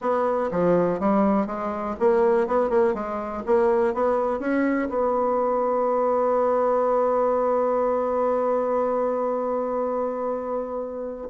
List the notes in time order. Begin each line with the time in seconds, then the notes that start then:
0.01 B3
0.51 F3
0.99 G3
1.46 G#3
1.99 A#3
2.47 B3
2.69 A#3
2.94 G#3
3.46 A#3
3.94 B3
4.39 C#4
4.89 B3